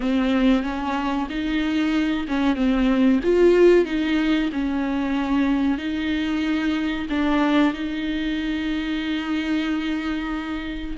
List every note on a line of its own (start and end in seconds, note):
0.00 0.63 C4
0.63 1.27 C#4
1.29 2.26 D#4
2.28 2.55 C#4
2.55 3.20 C4
3.23 3.85 F4
3.85 4.50 D#4
4.52 5.77 C#4
5.77 7.06 D#4
7.09 7.73 D4
7.73 10.96 D#4